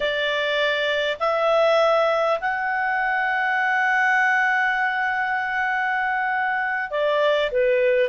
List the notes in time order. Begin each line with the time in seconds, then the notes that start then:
0.00 D5
1.19 E5
2.40 F#5
6.90 D5
7.51 B4